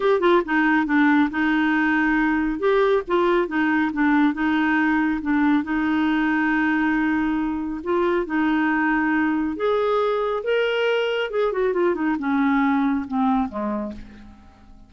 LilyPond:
\new Staff \with { instrumentName = "clarinet" } { \time 4/4 \tempo 4 = 138 g'8 f'8 dis'4 d'4 dis'4~ | dis'2 g'4 f'4 | dis'4 d'4 dis'2 | d'4 dis'2.~ |
dis'2 f'4 dis'4~ | dis'2 gis'2 | ais'2 gis'8 fis'8 f'8 dis'8 | cis'2 c'4 gis4 | }